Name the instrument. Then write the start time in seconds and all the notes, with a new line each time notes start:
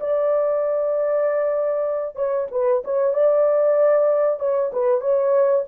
horn
0.00 D5
2.15 C#5
2.51 B4
2.84 C#5
3.13 D5
4.39 C#5
4.73 B4
5.01 C#5